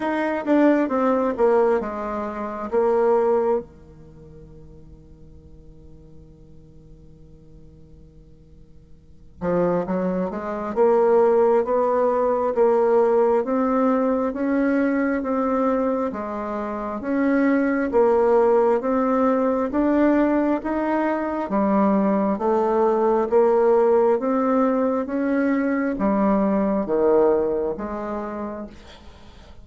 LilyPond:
\new Staff \with { instrumentName = "bassoon" } { \time 4/4 \tempo 4 = 67 dis'8 d'8 c'8 ais8 gis4 ais4 | dis1~ | dis2~ dis8 f8 fis8 gis8 | ais4 b4 ais4 c'4 |
cis'4 c'4 gis4 cis'4 | ais4 c'4 d'4 dis'4 | g4 a4 ais4 c'4 | cis'4 g4 dis4 gis4 | }